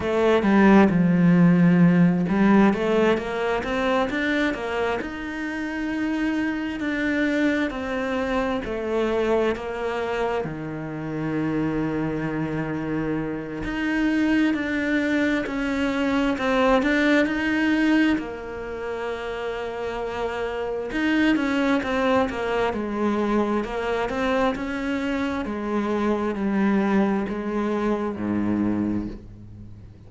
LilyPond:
\new Staff \with { instrumentName = "cello" } { \time 4/4 \tempo 4 = 66 a8 g8 f4. g8 a8 ais8 | c'8 d'8 ais8 dis'2 d'8~ | d'8 c'4 a4 ais4 dis8~ | dis2. dis'4 |
d'4 cis'4 c'8 d'8 dis'4 | ais2. dis'8 cis'8 | c'8 ais8 gis4 ais8 c'8 cis'4 | gis4 g4 gis4 gis,4 | }